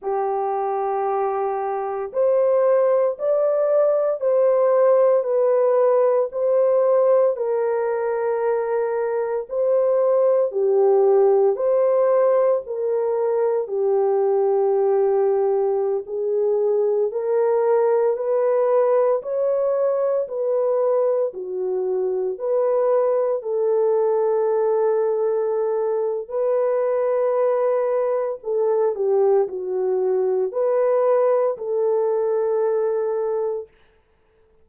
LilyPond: \new Staff \with { instrumentName = "horn" } { \time 4/4 \tempo 4 = 57 g'2 c''4 d''4 | c''4 b'4 c''4 ais'4~ | ais'4 c''4 g'4 c''4 | ais'4 g'2~ g'16 gis'8.~ |
gis'16 ais'4 b'4 cis''4 b'8.~ | b'16 fis'4 b'4 a'4.~ a'16~ | a'4 b'2 a'8 g'8 | fis'4 b'4 a'2 | }